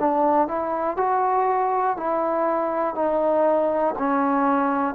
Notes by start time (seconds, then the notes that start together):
0.00 D4
0.48 E4
0.97 F#4
1.97 E4
2.95 D#4
3.99 C#4